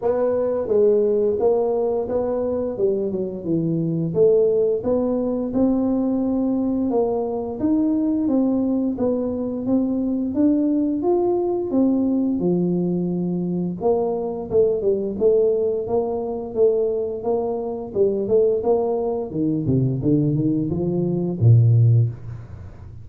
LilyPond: \new Staff \with { instrumentName = "tuba" } { \time 4/4 \tempo 4 = 87 b4 gis4 ais4 b4 | g8 fis8 e4 a4 b4 | c'2 ais4 dis'4 | c'4 b4 c'4 d'4 |
f'4 c'4 f2 | ais4 a8 g8 a4 ais4 | a4 ais4 g8 a8 ais4 | dis8 c8 d8 dis8 f4 ais,4 | }